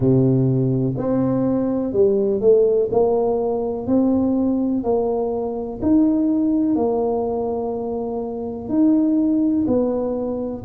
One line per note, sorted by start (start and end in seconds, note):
0.00 0.94 C3
0.97 1.93 C4
1.93 2.41 G3
2.41 2.89 A3
2.91 3.87 A#3
3.87 4.83 C4
4.83 5.80 A#3
5.82 6.75 D#4
6.75 8.68 A#3
8.68 9.65 D#4
9.67 10.64 B3